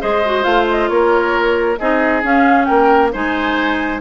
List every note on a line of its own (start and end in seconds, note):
0.00 0.45 G#3
0.00 0.22 G#4
0.00 0.90 C5
0.00 0.43 D#5
0.25 0.43 F#4
0.43 0.89 A3
0.43 1.76 F4
0.43 0.66 F5
0.70 0.89 D#5
0.89 1.78 A#3
0.89 1.79 A#4
0.89 1.77 C#5
1.78 2.23 C4
1.78 2.22 D#4
1.78 2.67 G#4
1.78 2.23 D#5
2.22 3.11 C#4
2.22 2.67 C#4
2.22 2.65 F5
2.65 3.14 A#3
2.65 3.11 A#4
2.65 3.09 G5
3.12 4.01 G#3
3.12 4.01 D#4
3.12 4.01 C5
3.12 4.01 G#5